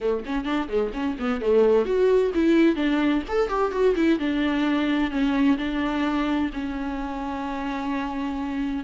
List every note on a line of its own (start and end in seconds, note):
0.01 0.24 A3
0.25 0.44 C#4
0.44 0.68 D4
0.68 0.91 G#3
0.93 1.16 C#4
1.19 1.41 B3
1.41 1.85 A3
1.85 2.31 F#4
2.34 2.75 E4
2.75 3.22 D4
3.28 3.48 A4
3.48 3.71 G4
3.71 3.95 F#4
3.95 4.19 E4
4.19 5.10 D4
5.10 5.57 C#4
5.57 6.50 D4
6.53 8.84 C#4